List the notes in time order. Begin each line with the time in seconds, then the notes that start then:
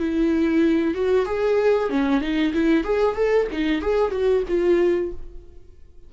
0.00 E4
0.95 F#4
1.26 G#4
1.90 C#4
2.21 D#4
2.54 E4
2.84 G#4
3.16 A4
3.52 D#4
3.82 G#4
4.12 F#4
4.49 F4